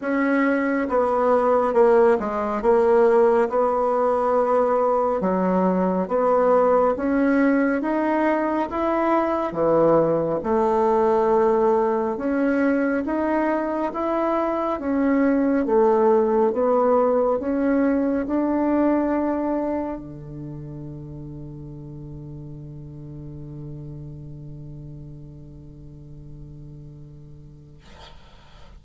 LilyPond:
\new Staff \with { instrumentName = "bassoon" } { \time 4/4 \tempo 4 = 69 cis'4 b4 ais8 gis8 ais4 | b2 fis4 b4 | cis'4 dis'4 e'4 e4 | a2 cis'4 dis'4 |
e'4 cis'4 a4 b4 | cis'4 d'2 d4~ | d1~ | d1 | }